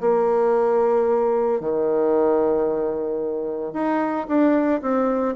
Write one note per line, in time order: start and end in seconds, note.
0.00 1.60 A#3
1.60 3.73 D#3
3.73 4.27 D#4
4.28 4.81 D4
4.81 5.35 C4